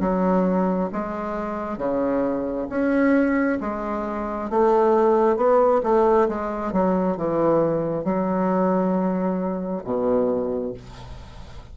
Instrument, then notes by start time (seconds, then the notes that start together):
bassoon
0.00 F#3
0.92 G#3
1.77 C#3
2.69 C#4
3.60 G#3
4.50 A3
5.36 B3
5.83 A3
6.28 G#3
6.72 F#3
7.16 E3
8.04 F#3
9.84 B2